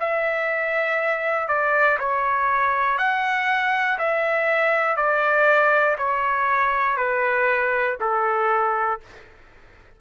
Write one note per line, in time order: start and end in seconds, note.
0.00 1.49 E5
1.49 1.99 D5
2.00 2.98 C#5
2.98 3.98 F#5
3.99 4.97 E5
4.97 5.97 D5
5.99 6.97 C#5
6.97 7.97 B4
8.00 9.00 A4